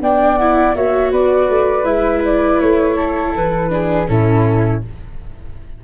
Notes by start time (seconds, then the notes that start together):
0.00 B3 D4 D5 G5
0.37 E4 F#5
0.75 A#3 F#4 C#5 E5
1.12 B3 B4 D5
1.49 A3
1.84 G#3 E4 E5
2.24 D5
2.60 A3 C#5
2.96 A4
3.35 E3 B4
3.69 D4 G#4
4.07 A2 C#4 E4 A4